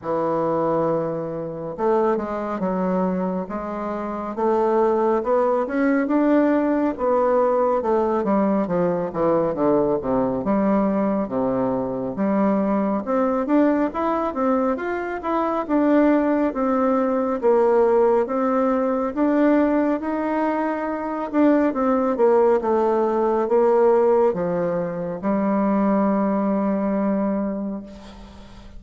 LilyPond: \new Staff \with { instrumentName = "bassoon" } { \time 4/4 \tempo 4 = 69 e2 a8 gis8 fis4 | gis4 a4 b8 cis'8 d'4 | b4 a8 g8 f8 e8 d8 c8 | g4 c4 g4 c'8 d'8 |
e'8 c'8 f'8 e'8 d'4 c'4 | ais4 c'4 d'4 dis'4~ | dis'8 d'8 c'8 ais8 a4 ais4 | f4 g2. | }